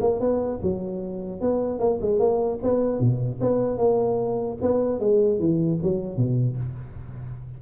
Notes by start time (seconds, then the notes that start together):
0.00 A#3
0.20 B3
0.62 F#3
1.40 B3
1.79 A#3
2.01 G#3
2.19 A#3
2.63 B3
2.99 B2
3.40 B3
3.77 A#3
4.61 B3
4.99 G#3
5.39 E3
5.83 F#3
6.17 B2